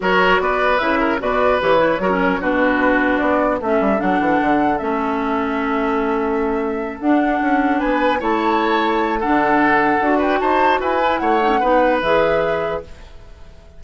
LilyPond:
<<
  \new Staff \with { instrumentName = "flute" } { \time 4/4 \tempo 4 = 150 cis''4 d''4 e''4 d''4 | cis''2 b'2 | d''4 e''4 fis''2 | e''1~ |
e''4. fis''2 gis''8~ | gis''8 a''2~ a''8 fis''4~ | fis''4. g''8 a''4 gis''4 | fis''2 e''2 | }
  \new Staff \with { instrumentName = "oboe" } { \time 4/4 ais'4 b'4. ais'8 b'4~ | b'4 ais'4 fis'2~ | fis'4 a'2.~ | a'1~ |
a'2.~ a'8 b'8~ | b'8 cis''2~ cis''8 a'4~ | a'4. b'8 c''4 b'4 | cis''4 b'2. | }
  \new Staff \with { instrumentName = "clarinet" } { \time 4/4 fis'2 e'4 fis'4 | g'8 e'8 fis'16 cis'8. d'2~ | d'4 cis'4 d'2 | cis'1~ |
cis'4. d'2~ d'8~ | d'8 e'2~ e'8 d'4~ | d'4 fis'2~ fis'8 e'8~ | e'8 dis'16 cis'16 dis'4 gis'2 | }
  \new Staff \with { instrumentName = "bassoon" } { \time 4/4 fis4 b4 cis4 b,4 | e4 fis4 b,2 | b4 a8 g8 fis8 e8 d4 | a1~ |
a4. d'4 cis'4 b8~ | b8 a2~ a8. d8.~ | d4 d'4 dis'4 e'4 | a4 b4 e2 | }
>>